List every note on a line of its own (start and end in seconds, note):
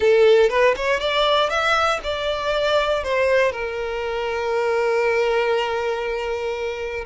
0.00 0.49 A4
0.49 0.74 B4
0.76 1.00 C#5
1.00 1.49 D5
1.49 1.99 E5
2.03 3.03 D5
3.03 3.52 C5
3.52 7.05 A#4